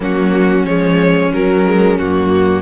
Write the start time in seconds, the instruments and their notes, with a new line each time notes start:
0.00 cello F#3, viola A#3, violin C#4 F#4
0.64 cello F3, viola G#3, violin C#5
1.32 viola F#3, cello F#3, violin A#4
1.65 viola G#3
1.98 cello F#2, viola A#3, violin F#4